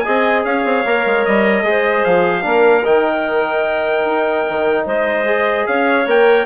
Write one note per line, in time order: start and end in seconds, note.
0.00 0.85 G#4
0.00 0.44 D#5
0.00 0.40 G#5
0.07 0.45 C4
0.44 0.65 C#4
0.44 1.65 C#5
0.44 1.25 F5
0.65 0.85 C4
0.85 1.05 A#3
0.85 1.64 A#4
1.06 1.26 G#3
1.25 1.63 G3
1.25 2.04 D#5
1.63 2.03 G#3
1.63 2.42 G#4
1.63 2.45 C5
2.04 2.45 F3
2.04 2.85 F5
2.42 2.85 A#3
2.42 2.82 D4
2.42 4.85 A#4
2.84 4.04 D#3
2.84 5.26 D#4
2.84 4.87 G5
4.04 4.45 D#4
4.49 4.86 D#3
4.85 5.66 G#3
4.85 5.66 C5
4.85 5.67 D#5
5.26 6.06 G#4
5.67 6.06 C#4
5.67 6.46 C#5
5.67 6.07 F5
6.06 6.46 A#3
6.06 6.46 A#4
6.06 6.46 G5